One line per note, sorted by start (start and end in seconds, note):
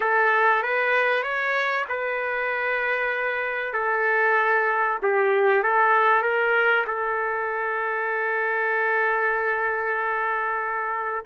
0.00 0.62 A4
0.62 1.22 B4
1.22 1.85 C#5
1.88 3.73 B4
3.73 4.98 A4
5.02 5.62 G4
5.62 6.22 A4
6.22 6.84 A#4
6.87 11.24 A4